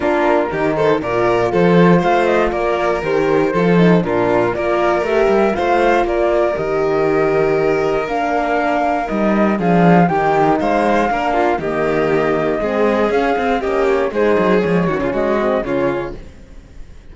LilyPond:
<<
  \new Staff \with { instrumentName = "flute" } { \time 4/4 \tempo 4 = 119 ais'4. c''8 d''4 c''4 | f''8 dis''8 d''4 c''2 | ais'4 d''4 e''4 f''4 | d''4 dis''2. |
f''2 dis''4 f''4 | g''4 f''2 dis''4~ | dis''2 f''4 dis''8 cis''8 | c''4 cis''4 dis''4 cis''4 | }
  \new Staff \with { instrumentName = "violin" } { \time 4/4 f'4 g'8 a'8 ais'4 a'4 | c''4 ais'2 a'4 | f'4 ais'2 c''4 | ais'1~ |
ais'2. gis'4 | g'4 c''4 ais'8 f'8 g'4~ | g'4 gis'2 g'4 | gis'4. fis'16 f'16 fis'4 f'4 | }
  \new Staff \with { instrumentName = "horn" } { \time 4/4 d'4 dis'4 f'2~ | f'2 g'4 f'8 dis'8 | d'4 f'4 g'4 f'4~ | f'4 g'2. |
d'2 dis'4 d'4 | dis'2 d'4 ais4~ | ais4 c'4 cis'8 c'8 cis'4 | dis'4 gis8 cis'4 c'8 cis'4 | }
  \new Staff \with { instrumentName = "cello" } { \time 4/4 ais4 dis4 ais,4 f4 | a4 ais4 dis4 f4 | ais,4 ais4 a8 g8 a4 | ais4 dis2. |
ais2 g4 f4 | dis4 gis4 ais4 dis4~ | dis4 gis4 cis'8 c'8 ais4 | gis8 fis8 f8 dis16 cis16 gis4 cis4 | }
>>